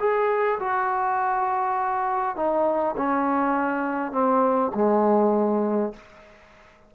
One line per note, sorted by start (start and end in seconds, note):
0.00 0.59 G#4
0.60 2.36 F#4
2.36 2.96 D#4
2.97 4.13 C#4
4.13 4.72 C4
4.75 5.94 G#3